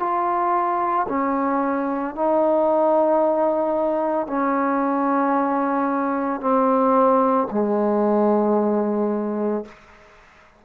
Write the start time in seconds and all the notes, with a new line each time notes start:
0.00 F4
1.09 C#4
2.15 D#4
4.28 C#4
6.41 C4
7.51 G#3